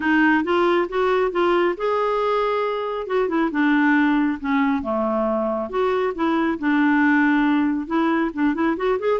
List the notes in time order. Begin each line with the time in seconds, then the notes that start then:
0.00 D#4
0.44 F4
0.89 F#4
1.31 F4
1.77 G#4
3.06 F#4
3.28 E4
3.51 D4
4.40 C#4
4.82 A3
5.69 F#4
6.14 E4
6.59 D4
7.87 E4
8.33 D4
8.54 E4
8.77 F#4
8.99 G#4